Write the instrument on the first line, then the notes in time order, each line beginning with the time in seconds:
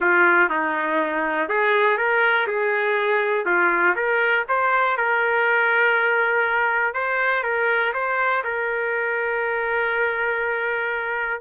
trumpet
0.00 F4
0.49 D#4
1.49 G#4
1.97 A#4
2.47 G#4
3.45 F4
3.95 A#4
4.48 C5
4.97 A#4
6.94 C5
7.43 A#4
7.93 C5
8.43 A#4